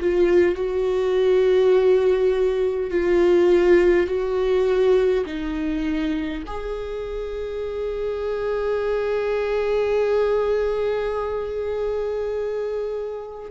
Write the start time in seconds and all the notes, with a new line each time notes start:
0.00 F4
0.56 F#4
2.91 F4
4.07 F#4
5.26 D#4
6.47 G#4